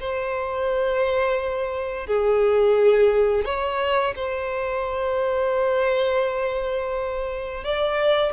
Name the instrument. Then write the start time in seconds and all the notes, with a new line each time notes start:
violin
0.00 C5
2.07 G#4
3.44 C#5
4.15 C5
7.64 D5